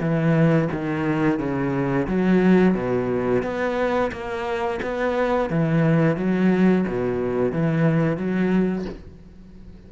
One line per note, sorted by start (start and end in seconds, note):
0.00 0.68 E3
0.72 1.39 D#3
1.39 2.07 C#3
2.07 2.74 F#3
2.74 3.42 B2
3.42 4.11 B3
4.12 4.80 A#3
4.82 5.50 B3
5.50 6.17 E3
6.17 6.85 F#3
6.87 7.52 B2
7.52 8.17 E3
8.17 8.85 F#3